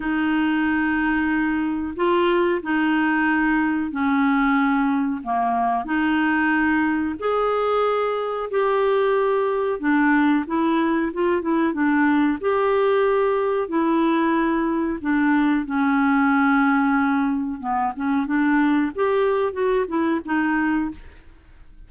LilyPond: \new Staff \with { instrumentName = "clarinet" } { \time 4/4 \tempo 4 = 92 dis'2. f'4 | dis'2 cis'2 | ais4 dis'2 gis'4~ | gis'4 g'2 d'4 |
e'4 f'8 e'8 d'4 g'4~ | g'4 e'2 d'4 | cis'2. b8 cis'8 | d'4 g'4 fis'8 e'8 dis'4 | }